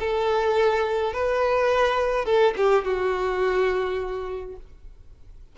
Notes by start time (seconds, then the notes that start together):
0.00 A4
1.14 B4
2.25 A4
2.57 G4
2.85 F#4